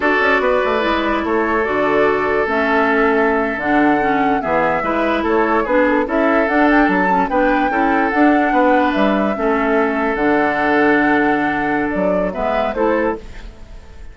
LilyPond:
<<
  \new Staff \with { instrumentName = "flute" } { \time 4/4 \tempo 4 = 146 d''2. cis''4 | d''2 e''2~ | e''8. fis''2 e''4~ e''16~ | e''8. cis''4 b'8 a'8 e''4 fis''16~ |
fis''16 g''8 a''4 g''2 fis''16~ | fis''4.~ fis''16 e''2~ e''16~ | e''8. fis''2.~ fis''16~ | fis''4 d''4 e''4 c''4 | }
  \new Staff \with { instrumentName = "oboe" } { \time 4/4 a'4 b'2 a'4~ | a'1~ | a'2~ a'8. gis'4 b'16~ | b'8. a'4 gis'4 a'4~ a'16~ |
a'4.~ a'16 b'4 a'4~ a'16~ | a'8. b'2 a'4~ a'16~ | a'1~ | a'2 b'4 a'4 | }
  \new Staff \with { instrumentName = "clarinet" } { \time 4/4 fis'2 e'2 | fis'2 cis'2~ | cis'8. d'4 cis'4 b4 e'16~ | e'4.~ e'16 d'4 e'4 d'16~ |
d'4~ d'16 cis'8 d'4 e'4 d'16~ | d'2~ d'8. cis'4~ cis'16~ | cis'8. d'2.~ d'16~ | d'2 b4 e'4 | }
  \new Staff \with { instrumentName = "bassoon" } { \time 4/4 d'8 cis'8 b8 a8 gis4 a4 | d2 a2~ | a8. d2 e4 gis16~ | gis8. a4 b4 cis'4 d'16~ |
d'8. fis4 b4 cis'4 d'16~ | d'8. b4 g4 a4~ a16~ | a8. d2.~ d16~ | d4 fis4 gis4 a4 | }
>>